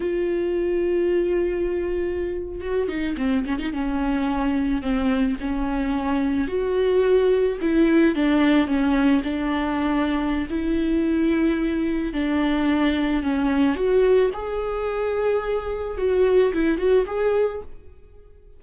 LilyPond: \new Staff \with { instrumentName = "viola" } { \time 4/4 \tempo 4 = 109 f'1~ | f'8. fis'8 dis'8 c'8 cis'16 dis'16 cis'4~ cis'16~ | cis'8. c'4 cis'2 fis'16~ | fis'4.~ fis'16 e'4 d'4 cis'16~ |
cis'8. d'2~ d'16 e'4~ | e'2 d'2 | cis'4 fis'4 gis'2~ | gis'4 fis'4 e'8 fis'8 gis'4 | }